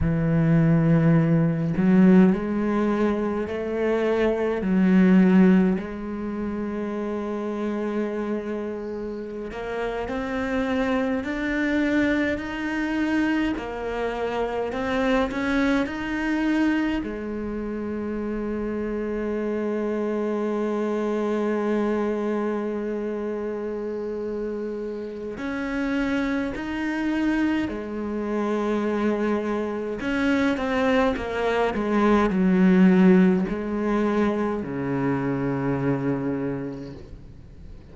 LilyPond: \new Staff \with { instrumentName = "cello" } { \time 4/4 \tempo 4 = 52 e4. fis8 gis4 a4 | fis4 gis2.~ | gis16 ais8 c'4 d'4 dis'4 ais16~ | ais8. c'8 cis'8 dis'4 gis4~ gis16~ |
gis1~ | gis2 cis'4 dis'4 | gis2 cis'8 c'8 ais8 gis8 | fis4 gis4 cis2 | }